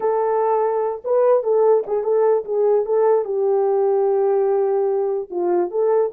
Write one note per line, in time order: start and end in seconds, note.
0.00 1.02 A4
1.04 1.43 B4
1.43 1.83 A4
1.86 2.03 G#4
2.03 2.44 A4
2.45 2.85 G#4
2.85 3.24 A4
3.24 5.29 G4
5.30 5.70 F4
5.70 6.11 A4